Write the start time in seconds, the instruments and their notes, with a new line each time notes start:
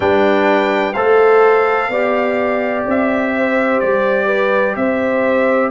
0.00 tuba G3, trombone D4, horn B4, trumpet G5
0.93 tuba A3, trombone A4, horn C5, trumpet F5
1.88 tuba B3, trombone G4, horn D5
2.85 tuba C4, trumpet E5
3.36 horn C5
3.80 tuba G3, trumpet D5
4.26 horn B4
4.76 tuba C4, horn C5, trumpet E5